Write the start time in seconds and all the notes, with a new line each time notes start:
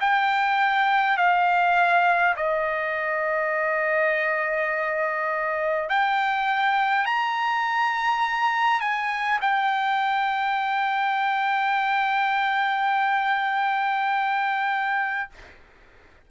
0.00 G5
1.17 F5
2.36 D#5
5.89 G5
7.05 A#5
8.80 G#5
9.41 G5